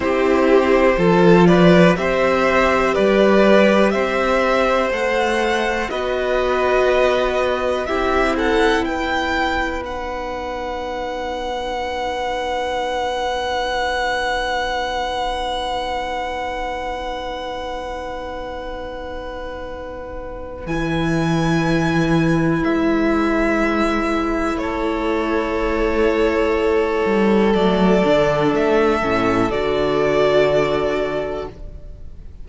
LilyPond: <<
  \new Staff \with { instrumentName = "violin" } { \time 4/4 \tempo 4 = 61 c''4. d''8 e''4 d''4 | e''4 fis''4 dis''2 | e''8 fis''8 g''4 fis''2~ | fis''1~ |
fis''1~ | fis''4 gis''2 e''4~ | e''4 cis''2. | d''4 e''4 d''2 | }
  \new Staff \with { instrumentName = "violin" } { \time 4/4 g'4 a'8 b'8 c''4 b'4 | c''2 b'2 | g'8 a'8 b'2.~ | b'1~ |
b'1~ | b'1~ | b'4 a'2.~ | a'1 | }
  \new Staff \with { instrumentName = "viola" } { \time 4/4 e'4 f'4 g'2~ | g'4 a'4 fis'2 | e'2 dis'2~ | dis'1~ |
dis'1~ | dis'4 e'2.~ | e'1 | a8 d'4 cis'8 fis'2 | }
  \new Staff \with { instrumentName = "cello" } { \time 4/4 c'4 f4 c'4 g4 | c'4 a4 b2 | c'4 b2.~ | b1~ |
b1~ | b4 e2 gis4~ | gis4 a2~ a8 g8 | fis8 d8 a8 a,8 d2 | }
>>